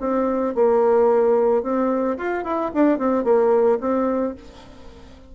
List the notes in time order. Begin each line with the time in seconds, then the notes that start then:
0.00 C4
0.55 A#3
1.63 C4
2.18 F4
2.44 E4
2.74 D4
2.99 C4
3.24 A#3
3.80 C4